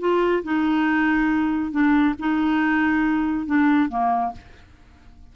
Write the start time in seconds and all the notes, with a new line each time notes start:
0.00 F4
0.44 D#4
1.71 D4
2.19 D#4
3.46 D4
3.89 A#3